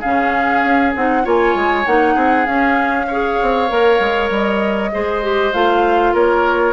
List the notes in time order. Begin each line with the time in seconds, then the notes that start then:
0.00 C#3 C#4 G#4 F5
0.64 C#4
0.96 C4 D#4 F#5
1.24 A#3 F4 C#5 G#5
1.55 G#3
1.86 A#3 D#4 F#5
2.14 C4 G#4
2.46 C#4 F5
3.07 G#4 C#5
3.42 C4
3.68 A#3 A#4
4.00 G#3
4.30 G3 D#5
4.92 G#3 G#4 C5
5.23 G4
5.53 A3 F4 F5
6.13 A#3 A#4 C#5